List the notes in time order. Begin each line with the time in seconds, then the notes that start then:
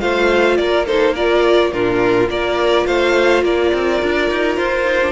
0.00 A3 F4 C5 F5
0.57 A#3 A#4 D5
0.86 D#4 A4 C5
1.14 F4 A#4 D5
1.72 A#2 D4 F4 A#4
2.28 A#3 F4 A#4 D5
2.86 A3 C5 F5
3.43 A#3 A#4 D5
3.74 C4
4.03 D4
4.31 D#4
4.57 F4 C5
4.85 D#4
5.03 D4